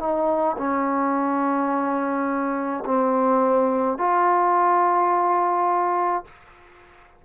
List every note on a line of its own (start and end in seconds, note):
0.00 0.57 D#4
0.58 2.84 C#4
2.85 3.98 C4
3.98 6.24 F4